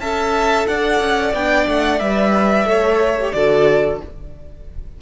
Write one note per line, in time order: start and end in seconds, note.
0.00 0.67 C#4
0.00 1.36 A4
0.00 0.68 E5
0.00 0.67 A5
0.67 1.01 D4
0.67 2.69 D5
0.67 1.34 F#5
1.01 1.34 C#4
1.34 1.67 B3
1.34 2.00 D4
1.34 1.68 G5
1.68 2.01 A3
1.68 1.99 F#5
1.99 2.65 G3
1.99 2.66 B4
1.99 3.33 E5
2.65 3.32 A3
2.65 3.16 A4
2.65 3.35 C#5
3.21 3.35 G4
3.33 4.01 D3
3.33 4.02 F#4
3.33 4.02 A4
3.33 3.99 D5